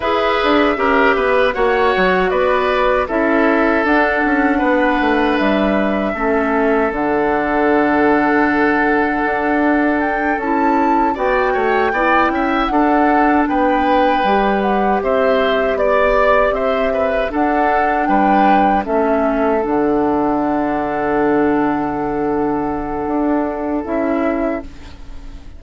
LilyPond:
<<
  \new Staff \with { instrumentName = "flute" } { \time 4/4 \tempo 4 = 78 e''2 fis''4 d''4 | e''4 fis''2 e''4~ | e''4 fis''2.~ | fis''4 g''8 a''4 g''4.~ |
g''8 fis''4 g''4. fis''8 e''8~ | e''8 d''4 e''4 fis''4 g''8~ | g''8 e''4 fis''2~ fis''8~ | fis''2. e''4 | }
  \new Staff \with { instrumentName = "oboe" } { \time 4/4 b'4 ais'8 b'8 cis''4 b'4 | a'2 b'2 | a'1~ | a'2~ a'8 d''8 cis''8 d''8 |
e''8 a'4 b'2 c''8~ | c''8 d''4 c''8 b'8 a'4 b'8~ | b'8 a'2.~ a'8~ | a'1 | }
  \new Staff \with { instrumentName = "clarinet" } { \time 4/4 gis'4 g'4 fis'2 | e'4 d'2. | cis'4 d'2.~ | d'4. e'4 fis'4 e'8~ |
e'8 d'2 g'4.~ | g'2~ g'8 d'4.~ | d'8 cis'4 d'2~ d'8~ | d'2. e'4 | }
  \new Staff \with { instrumentName = "bassoon" } { \time 4/4 e'8 d'8 cis'8 b8 ais8 fis8 b4 | cis'4 d'8 cis'8 b8 a8 g4 | a4 d2. | d'4. cis'4 b8 a8 b8 |
cis'8 d'4 b4 g4 c'8~ | c'8 b4 c'4 d'4 g8~ | g8 a4 d2~ d8~ | d2 d'4 cis'4 | }
>>